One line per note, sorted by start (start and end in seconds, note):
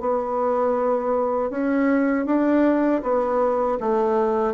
0.00 1.50 B3
1.50 2.25 C#4
2.25 3.01 D4
3.02 3.78 B3
3.80 4.54 A3